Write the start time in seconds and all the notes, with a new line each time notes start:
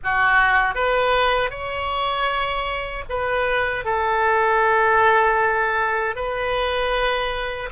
0.03 F#4
0.74 B4
1.50 C#5
3.09 B4
3.84 A4
6.15 B4